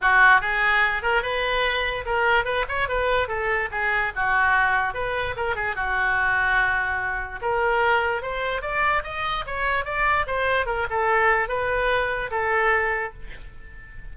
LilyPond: \new Staff \with { instrumentName = "oboe" } { \time 4/4 \tempo 4 = 146 fis'4 gis'4. ais'8 b'4~ | b'4 ais'4 b'8 cis''8 b'4 | a'4 gis'4 fis'2 | b'4 ais'8 gis'8 fis'2~ |
fis'2 ais'2 | c''4 d''4 dis''4 cis''4 | d''4 c''4 ais'8 a'4. | b'2 a'2 | }